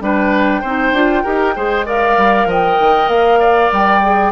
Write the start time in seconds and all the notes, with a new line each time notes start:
0.00 G3 D4 B4 G5
0.60 C4 D#4 C5
0.92 D4 F4
1.23 D#4 G4 A#4
1.55 G#3 G#4 C5
1.85 A#4 D5 F5
2.17 G3
2.45 F3 D#5 G5
2.80 D#3
3.07 A#3 F5
3.39 D5
3.71 G3 G5
4.02 G#4